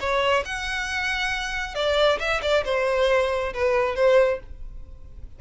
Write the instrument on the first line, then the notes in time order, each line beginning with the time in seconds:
violin
0.00 C#5
0.45 F#5
1.75 D5
2.19 E5
2.42 D5
2.65 C5
3.54 B4
3.96 C5